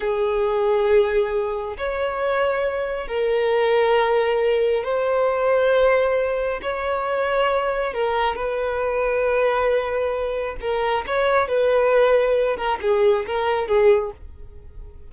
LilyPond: \new Staff \with { instrumentName = "violin" } { \time 4/4 \tempo 4 = 136 gis'1 | cis''2. ais'4~ | ais'2. c''4~ | c''2. cis''4~ |
cis''2 ais'4 b'4~ | b'1 | ais'4 cis''4 b'2~ | b'8 ais'8 gis'4 ais'4 gis'4 | }